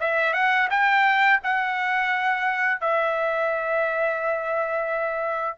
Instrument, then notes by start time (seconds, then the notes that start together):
trumpet
0.00 E5
0.33 F#5
0.70 G5
1.43 F#5
2.81 E5